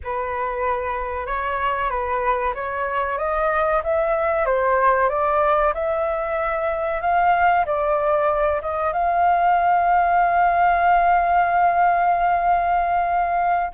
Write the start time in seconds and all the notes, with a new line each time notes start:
0.03 B4
1.26 C#5
1.89 B4
2.54 C#5
3.18 D#5
3.83 E5
4.45 C5
5.09 D5
5.73 E5
7.01 F5
7.65 D5
8.61 D#5
8.92 F5